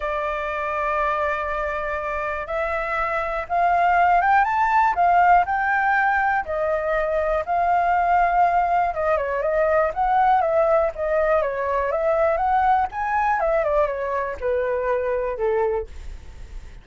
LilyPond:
\new Staff \with { instrumentName = "flute" } { \time 4/4 \tempo 4 = 121 d''1~ | d''4 e''2 f''4~ | f''8 g''8 a''4 f''4 g''4~ | g''4 dis''2 f''4~ |
f''2 dis''8 cis''8 dis''4 | fis''4 e''4 dis''4 cis''4 | e''4 fis''4 gis''4 e''8 d''8 | cis''4 b'2 a'4 | }